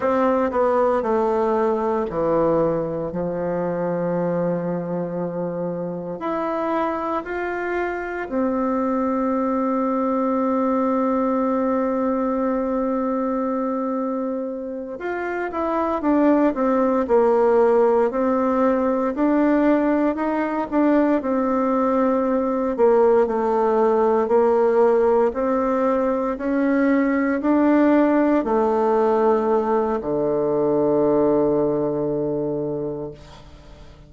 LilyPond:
\new Staff \with { instrumentName = "bassoon" } { \time 4/4 \tempo 4 = 58 c'8 b8 a4 e4 f4~ | f2 e'4 f'4 | c'1~ | c'2~ c'8 f'8 e'8 d'8 |
c'8 ais4 c'4 d'4 dis'8 | d'8 c'4. ais8 a4 ais8~ | ais8 c'4 cis'4 d'4 a8~ | a4 d2. | }